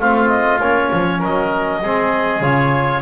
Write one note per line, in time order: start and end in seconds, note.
0.00 0.61 A3
0.00 0.61 C4
0.00 1.19 F4
0.00 0.29 F5
0.29 0.59 D#5
0.61 0.91 A#3
0.61 1.83 C#4
0.61 1.21 C#5
0.93 1.22 F3
1.19 1.82 F#3
1.19 1.80 A#4
1.19 2.43 D#5
1.82 2.41 G#3
1.82 2.42 C4
1.82 3.03 G#4
2.41 3.01 C#3
2.41 3.03 F4
2.41 3.03 C#5